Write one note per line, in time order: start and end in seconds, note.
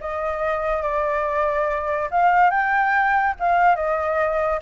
0.00 0.82 D#5
0.82 2.09 D5
2.11 2.50 F5
2.50 3.35 G5
3.40 3.75 F5
3.75 4.60 D#5